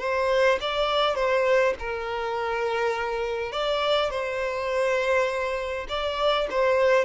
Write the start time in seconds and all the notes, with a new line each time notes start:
0.00 C5
0.61 D5
1.16 C5
1.80 A#4
3.52 D5
4.11 C5
5.89 D5
6.51 C5